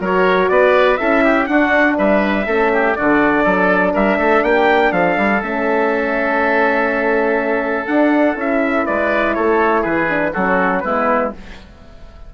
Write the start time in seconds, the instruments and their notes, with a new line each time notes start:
0.00 bassoon F#3, horn F#4, oboe A#4, trumpet C#5
0.49 bassoon B3, oboe B4, trumpet D5
0.97 bassoon C#4, horn E4, oboe A4, trumpet E5
1.24 oboe G4
1.47 horn D4, bassoon D4, oboe F#4, trumpet F#5
1.98 bassoon G3, oboe B4, trumpet E5
2.47 bassoon A3, horn C#4, oboe A4
2.73 oboe G4
2.95 bassoon D3, horn D4, oboe F#4, trumpet D5
3.44 bassoon F#3, oboe A4
3.93 bassoon G3, oboe A#4, trumpet E5
4.18 bassoon A3, oboe A4
4.43 bassoon A#3, oboe G4, trumpet G5
4.92 bassoon F3, oboe A4, trumpet F5
5.17 bassoon G3
5.42 bassoon A3, horn C#4, trumpet E5
7.87 bassoon D4, horn D4, trumpet F#5
8.35 bassoon C#4, horn E4, trumpet E5
8.86 bassoon G#3, oboe B4, trumpet D5
9.34 bassoon A3, oboe A4, trumpet C#5
9.81 bassoon E3, oboe G#4, trumpet B4
10.09 horn D4
10.33 bassoon F#3, horn C#4, oboe F#4, trumpet A4
10.80 bassoon G#3, horn B3, oboe E4, trumpet B4